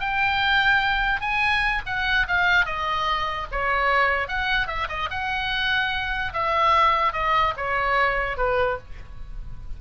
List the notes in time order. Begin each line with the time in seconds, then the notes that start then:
0.00 G5
1.21 G#5
1.86 F#5
2.28 F5
2.66 D#5
3.52 C#5
4.28 F#5
4.68 E5
4.89 D#5
5.10 F#5
6.34 E5
7.13 D#5
7.57 C#5
8.37 B4